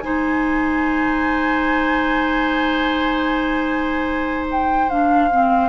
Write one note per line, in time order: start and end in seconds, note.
0.00 5.69 G#3
0.00 4.89 D#4
0.00 5.69 C5
0.00 4.46 G#5
4.51 4.90 G5
4.90 5.30 D4
4.90 5.69 F5
5.31 5.69 C4